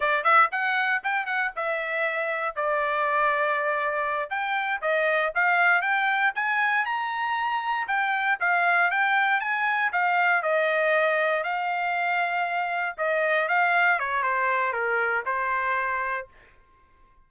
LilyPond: \new Staff \with { instrumentName = "trumpet" } { \time 4/4 \tempo 4 = 118 d''8 e''8 fis''4 g''8 fis''8 e''4~ | e''4 d''2.~ | d''8 g''4 dis''4 f''4 g''8~ | g''8 gis''4 ais''2 g''8~ |
g''8 f''4 g''4 gis''4 f''8~ | f''8 dis''2 f''4.~ | f''4. dis''4 f''4 cis''8 | c''4 ais'4 c''2 | }